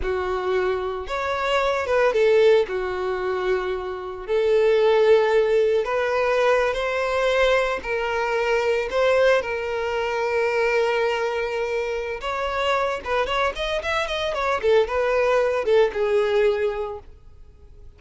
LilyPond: \new Staff \with { instrumentName = "violin" } { \time 4/4 \tempo 4 = 113 fis'2 cis''4. b'8 | a'4 fis'2. | a'2. b'4~ | b'8. c''2 ais'4~ ais'16~ |
ais'8. c''4 ais'2~ ais'16~ | ais'2. cis''4~ | cis''8 b'8 cis''8 dis''8 e''8 dis''8 cis''8 a'8 | b'4. a'8 gis'2 | }